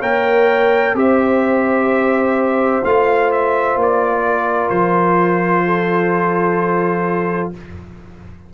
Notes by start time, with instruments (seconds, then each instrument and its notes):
0.00 tuba A#3, trombone A#4, horn C#5, trumpet G5
0.94 tuba C4, trombone G4, horn C5, trumpet E5
2.83 tuba A3, trombone F4, trumpet F5
3.31 trumpet E5
3.75 tuba A#3
3.82 trumpet D5
4.25 horn A#4
4.69 tuba F3, trumpet C5
5.65 horn A4